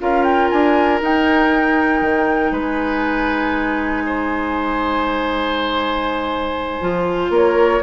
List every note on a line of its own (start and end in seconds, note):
0.00 0.52 C#4
0.00 1.01 F4
0.00 2.52 A#4
0.00 0.24 F5
0.24 0.49 G5
0.50 1.01 D4
0.50 1.01 G#5
1.01 2.02 D#4
1.01 6.82 D#4
1.01 2.55 G5
2.02 2.51 D#3
2.51 6.80 G#3
2.51 4.04 B4
2.51 7.34 G#5
4.06 7.33 C5
6.82 7.30 F3
6.82 7.82 F4
7.30 7.81 A#3
7.30 7.83 A#4
7.30 7.83 C#5